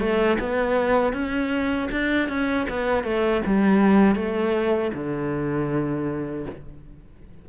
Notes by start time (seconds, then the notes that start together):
0.00 A3
0.40 B3
1.13 C#4
1.92 D4
2.29 C#4
2.70 B3
3.04 A3
3.46 G3
4.16 A3
4.94 D3